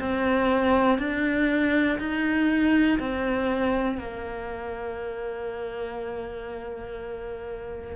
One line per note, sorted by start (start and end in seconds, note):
0.00 0.99 C4
0.99 1.99 D4
1.99 2.99 D#4
2.99 3.98 C4
3.98 7.96 A#3